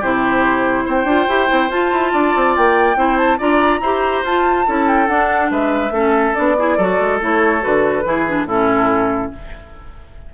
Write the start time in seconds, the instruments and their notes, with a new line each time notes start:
0.00 bassoon C3, clarinet E4, oboe G4, flute C5
0.86 bassoon C4, oboe C5, flute G5
1.05 bassoon D4, clarinet F4
1.29 bassoon E4, clarinet G4
1.48 bassoon C4, clarinet E4
1.70 bassoon F4, clarinet F4, flute A5
1.92 bassoon E4
2.13 bassoon D4, oboe D5
2.36 bassoon C4
2.57 bassoon A#3, flute G5
2.96 bassoon C4, clarinet E4, oboe C5
3.17 flute A5
3.38 bassoon D4, clarinet F4, oboe D5, flute A#5
3.81 bassoon E4, clarinet G4, oboe C5
4.23 bassoon F4, clarinet F4, flute A5
4.67 bassoon C#4, clarinet E4, oboe A4
4.88 flute G5
5.08 clarinet D4, bassoon D4, flute F#5
5.51 bassoon G#3, oboe B4, flute E5
5.91 bassoon A3, clarinet C#4, oboe A4
6.35 bassoon B3, clarinet D4, flute D5
6.58 clarinet E4, oboe G#4
6.77 bassoon F#3, clarinet F#4, oboe A4
7.00 bassoon G#3
7.21 bassoon A3, clarinet E4, flute C#5
7.61 bassoon D3, clarinet F#4, flute B4
8.05 bassoon E3, clarinet E4, oboe G#4
8.27 clarinet D4
8.46 bassoon A2, clarinet C#4, oboe E4, flute A4